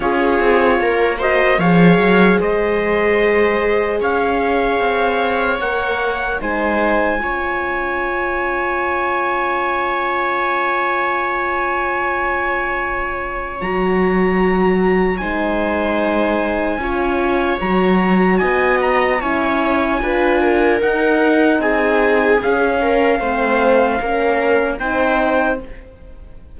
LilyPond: <<
  \new Staff \with { instrumentName = "trumpet" } { \time 4/4 \tempo 4 = 75 cis''4. dis''8 f''4 dis''4~ | dis''4 f''2 fis''4 | gis''1~ | gis''1~ |
gis''4 ais''2 gis''4~ | gis''2 ais''4 gis''8 ais''8 | gis''2 fis''4 gis''4 | f''2. g''4 | }
  \new Staff \with { instrumentName = "viola" } { \time 4/4 gis'4 ais'8 c''8 cis''4 c''4~ | c''4 cis''2. | c''4 cis''2.~ | cis''1~ |
cis''2. c''4~ | c''4 cis''2 dis''4 | cis''4 b'8 ais'4. gis'4~ | gis'8 ais'8 c''4 ais'4 c''4 | }
  \new Staff \with { instrumentName = "horn" } { \time 4/4 f'4. fis'8 gis'2~ | gis'2. ais'4 | dis'4 f'2.~ | f'1~ |
f'4 fis'2 dis'4~ | dis'4 f'4 fis'2 | e'4 f'4 dis'2 | cis'4 c'4 cis'4 dis'4 | }
  \new Staff \with { instrumentName = "cello" } { \time 4/4 cis'8 c'8 ais4 f8 fis8 gis4~ | gis4 cis'4 c'4 ais4 | gis4 cis'2.~ | cis'1~ |
cis'4 fis2 gis4~ | gis4 cis'4 fis4 b4 | cis'4 d'4 dis'4 c'4 | cis'4 a4 ais4 c'4 | }
>>